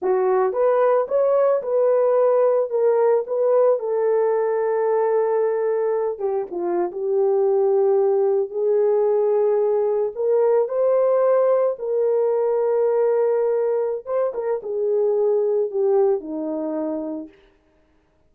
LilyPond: \new Staff \with { instrumentName = "horn" } { \time 4/4 \tempo 4 = 111 fis'4 b'4 cis''4 b'4~ | b'4 ais'4 b'4 a'4~ | a'2.~ a'8 g'8 | f'8. g'2. gis'16~ |
gis'2~ gis'8. ais'4 c''16~ | c''4.~ c''16 ais'2~ ais'16~ | ais'2 c''8 ais'8 gis'4~ | gis'4 g'4 dis'2 | }